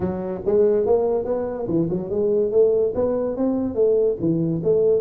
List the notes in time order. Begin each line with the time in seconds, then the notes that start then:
0.00 F#3
0.45 G#3
0.85 A#3
1.24 B3
1.67 E3
1.90 F#3
2.10 G#3
2.51 A3
2.94 B3
3.36 C4
3.75 A3
4.19 E3
4.63 A3